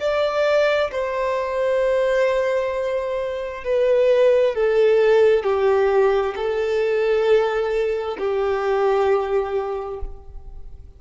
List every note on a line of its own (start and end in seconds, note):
0.00 0.91 D5
0.92 3.64 C5
3.64 4.55 B4
4.55 5.44 A4
5.44 6.35 G4
6.36 8.18 A4
8.18 10.00 G4